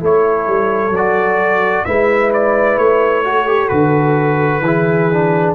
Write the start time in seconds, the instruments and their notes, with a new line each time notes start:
0.00 tuba A3, trombone E4, horn A4, trumpet C#5
0.48 tuba G3
0.90 tuba F#3
0.96 trombone F#4, trumpet D5
1.85 tuba G#3, trombone E4, horn B4, trumpet E5
2.33 trumpet D5
2.77 tuba A3, trumpet C#5
3.25 trombone F#4, horn A4
3.47 trombone G4
3.69 tuba D3, trombone F#4, trumpet B4
4.61 tuba E3, trombone E4, horn G#4
5.12 trombone D4